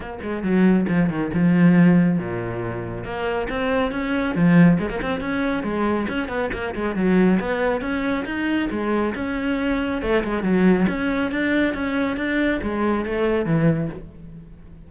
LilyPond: \new Staff \with { instrumentName = "cello" } { \time 4/4 \tempo 4 = 138 ais8 gis8 fis4 f8 dis8 f4~ | f4 ais,2 ais4 | c'4 cis'4 f4 gis16 ais16 c'8 | cis'4 gis4 cis'8 b8 ais8 gis8 |
fis4 b4 cis'4 dis'4 | gis4 cis'2 a8 gis8 | fis4 cis'4 d'4 cis'4 | d'4 gis4 a4 e4 | }